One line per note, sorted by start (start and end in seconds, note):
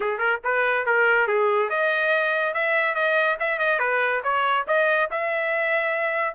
0.00 0.18 G#4
0.18 0.39 A#4
0.44 0.86 B4
0.86 1.27 A#4
1.27 1.69 G#4
1.69 2.54 D#5
2.54 2.94 E5
2.94 3.37 D#5
3.39 3.58 E5
3.58 3.79 D#5
3.79 4.21 B4
4.23 4.65 C#5
4.67 5.09 D#5
5.10 6.34 E5